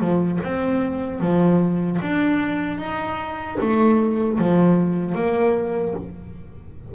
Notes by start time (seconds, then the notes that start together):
0.00 F3
0.44 C4
1.21 F3
2.02 D4
2.78 D#4
3.61 A3
4.39 F3
5.15 A#3